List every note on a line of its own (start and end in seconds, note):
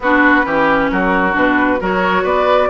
0.00 0.44 B3
0.00 0.43 D4
0.00 0.45 F#4
0.00 0.90 B4
0.43 0.91 E3
0.43 1.32 C#4
0.43 0.90 G4
0.90 1.35 F#3
0.90 1.80 F#4
0.90 1.35 A#4
1.32 1.80 B2
1.32 1.78 D4
1.32 1.82 B4
1.80 2.24 F#3
1.80 2.70 F#4
1.80 2.23 A#4
1.80 2.25 C#5
2.23 2.69 B3
2.23 2.68 B4
2.23 2.70 D5